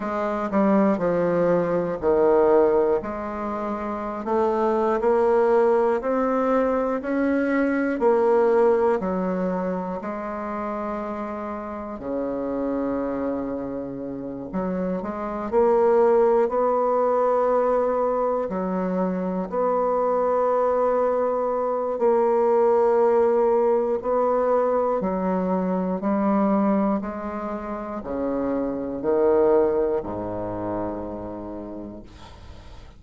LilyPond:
\new Staff \with { instrumentName = "bassoon" } { \time 4/4 \tempo 4 = 60 gis8 g8 f4 dis4 gis4~ | gis16 a8. ais4 c'4 cis'4 | ais4 fis4 gis2 | cis2~ cis8 fis8 gis8 ais8~ |
ais8 b2 fis4 b8~ | b2 ais2 | b4 fis4 g4 gis4 | cis4 dis4 gis,2 | }